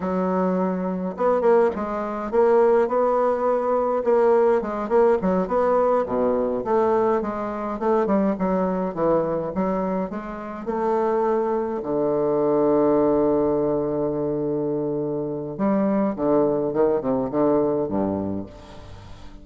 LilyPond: \new Staff \with { instrumentName = "bassoon" } { \time 4/4 \tempo 4 = 104 fis2 b8 ais8 gis4 | ais4 b2 ais4 | gis8 ais8 fis8 b4 b,4 a8~ | a8 gis4 a8 g8 fis4 e8~ |
e8 fis4 gis4 a4.~ | a8 d2.~ d8~ | d2. g4 | d4 dis8 c8 d4 g,4 | }